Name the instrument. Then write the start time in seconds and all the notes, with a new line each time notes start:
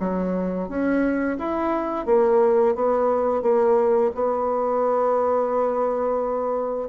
bassoon
0.00 F#3
0.69 C#4
1.39 E4
2.06 A#3
2.76 B3
3.42 A#3
4.15 B3